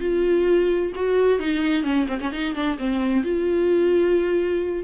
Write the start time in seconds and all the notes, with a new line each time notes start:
0.00 F4
0.95 F#4
1.39 D#4
1.83 C#4
2.08 C4
2.20 C#4
2.32 D#4
2.55 D4
2.78 C4
3.23 F4